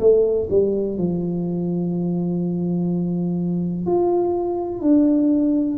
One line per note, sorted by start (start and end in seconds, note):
0.00 0.48 A3
0.50 0.98 G3
0.98 3.86 F3
3.86 4.82 F4
4.82 5.78 D4